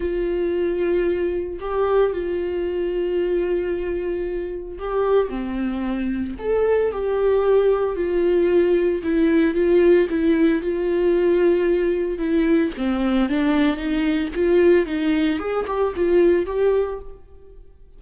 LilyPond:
\new Staff \with { instrumentName = "viola" } { \time 4/4 \tempo 4 = 113 f'2. g'4 | f'1~ | f'4 g'4 c'2 | a'4 g'2 f'4~ |
f'4 e'4 f'4 e'4 | f'2. e'4 | c'4 d'4 dis'4 f'4 | dis'4 gis'8 g'8 f'4 g'4 | }